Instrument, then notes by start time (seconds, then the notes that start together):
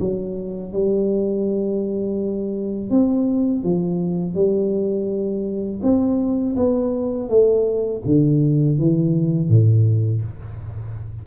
tuba
0.00 F#3
0.73 G3
2.91 C4
3.64 F3
4.35 G3
5.83 C4
6.56 B3
7.29 A3
8.06 D3
8.79 E3
9.49 A2